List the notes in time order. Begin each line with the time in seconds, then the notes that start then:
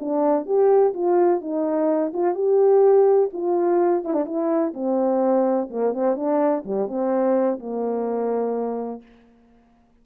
0.00 D4
0.46 G4
0.94 F4
1.41 D#4
2.14 F4
2.35 G4
3.33 F4
4.04 E4
4.13 D4
4.26 E4
4.74 C4
5.71 A#3
5.94 C4
6.16 D4
6.65 G3
6.88 C4
7.60 A#3